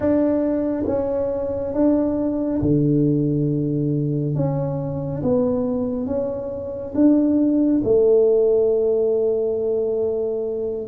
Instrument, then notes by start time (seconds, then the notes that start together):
tuba
0.00 D4
0.86 C#4
1.74 D4
2.61 D3
4.35 C#4
5.22 B3
6.06 C#4
6.94 D4
7.84 A3